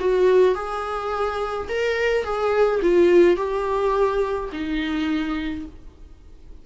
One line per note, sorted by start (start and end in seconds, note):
0.00 0.55 F#4
0.55 1.68 G#4
1.69 2.24 A#4
2.24 2.81 G#4
2.82 3.37 F4
3.37 4.50 G4
4.53 5.66 D#4